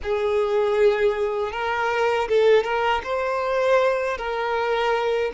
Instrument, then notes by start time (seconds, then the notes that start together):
violin
0.02 G#4
1.52 A#4
2.28 A4
2.63 A#4
3.03 C5
4.17 A#4